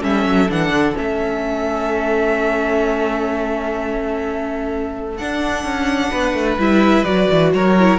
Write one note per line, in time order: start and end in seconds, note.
0.00 0.26 G3
0.00 0.48 C#4
0.00 6.09 A4
0.00 0.50 E5
0.26 0.50 F#3
0.49 0.70 E3
0.49 0.95 D4
0.49 0.97 F#5
0.70 0.93 D3
0.95 5.20 A3
0.95 5.17 C#4
0.95 5.17 E5
5.17 6.59 D4
5.17 5.64 D4
5.17 6.58 F#5
5.64 6.11 C#4
6.11 6.34 B3
6.11 7.51 B4
6.34 6.57 A3
6.58 7.05 G3
6.58 7.05 E4
6.58 7.04 E5
7.04 7.28 F#3
7.04 7.75 F#4
7.04 7.51 D5
7.30 7.53 E3
7.53 7.99 F#3
7.53 7.99 A#4
7.53 7.99 C#5
7.79 7.99 E4